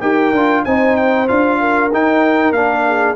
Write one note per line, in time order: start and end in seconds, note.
0.00 0.32 D#4
0.00 0.33 G4
0.00 0.63 A#4
0.00 0.63 G5
0.32 0.64 D4
0.32 0.66 F4
0.64 1.29 C4
0.64 1.27 D#4
0.64 1.60 C5
0.64 0.96 G#5
0.96 1.27 G5
1.27 1.92 D4
1.27 1.90 F4
1.27 1.91 F5
1.60 2.86 A#4
1.92 2.51 D#4
1.92 2.55 D#4
1.92 2.52 G5
2.51 3.14 A#3
2.51 3.16 D4
2.51 3.15 F5
2.86 3.16 G#4